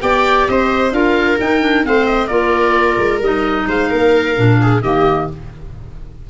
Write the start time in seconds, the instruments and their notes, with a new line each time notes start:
0.00 tuba B3, clarinet G4, viola D5, oboe G5
0.48 tuba C4, viola C5, oboe D#5
0.92 tuba D4, clarinet F4, viola A#4, oboe F5
1.39 clarinet D#4, tuba D#4, oboe G5
1.60 clarinet D4
1.83 tuba A3, clarinet C4, viola C5, oboe F5
2.06 oboe D#5
2.27 tuba A#3, clarinet F4, viola A#4, oboe D5
2.98 tuba G#3
3.20 tuba G3, clarinet D#4, oboe D#5
3.68 tuba G#3, viola C5, oboe F5
3.90 tuba A#3, viola A#4
4.36 tuba A#2, clarinet D4
4.61 viola G#4
4.81 tuba D#3, clarinet A#3, viola G4, oboe D#5